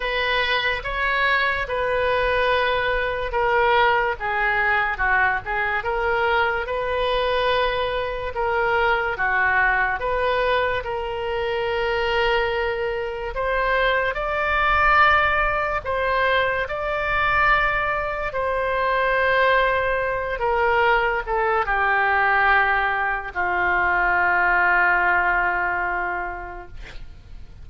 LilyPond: \new Staff \with { instrumentName = "oboe" } { \time 4/4 \tempo 4 = 72 b'4 cis''4 b'2 | ais'4 gis'4 fis'8 gis'8 ais'4 | b'2 ais'4 fis'4 | b'4 ais'2. |
c''4 d''2 c''4 | d''2 c''2~ | c''8 ais'4 a'8 g'2 | f'1 | }